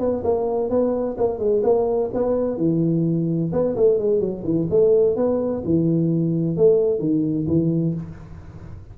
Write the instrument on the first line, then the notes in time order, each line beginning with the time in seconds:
tuba
0.00 B3
0.24 A#3
0.70 B3
1.18 A#3
1.39 G#3
1.64 A#3
2.14 B3
2.58 E3
3.53 B3
3.76 A3
3.99 G#3
4.20 F#3
4.44 E3
4.70 A3
5.16 B3
5.65 E3
6.57 A3
7.00 D#3
7.48 E3